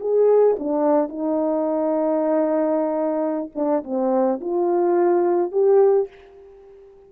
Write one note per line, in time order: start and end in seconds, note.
0.00 0.57 G#4
0.59 1.09 D4
1.09 3.50 D#4
3.55 3.83 D4
3.84 4.40 C4
4.40 5.51 F4
5.51 6.08 G4